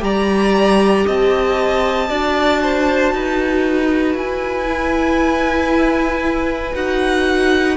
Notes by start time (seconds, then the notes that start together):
0.00 G3 G4 D5 A#5
1.06 C4 D#5 A5
2.10 D4 F#4 D5
2.62 C5
3.13 D#4 B4
4.15 E4 G#5
4.66 E4
6.75 D#4 F#4 F#5